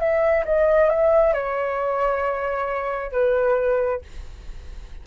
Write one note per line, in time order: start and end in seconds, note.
0.00 0.45 E5
0.45 0.90 D#5
0.90 1.34 E5
1.34 3.12 C#5
3.12 4.01 B4